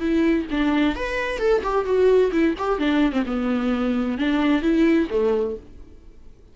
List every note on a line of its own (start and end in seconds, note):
0.00 0.46 E4
0.51 0.96 D4
0.96 1.39 B4
1.39 1.62 A4
1.63 1.85 G4
1.85 2.31 F#4
2.32 2.55 E4
2.58 2.79 G4
2.79 3.12 D4
3.12 3.24 C4
3.26 4.18 B3
4.18 4.62 D4
4.62 5.08 E4
5.10 5.56 A3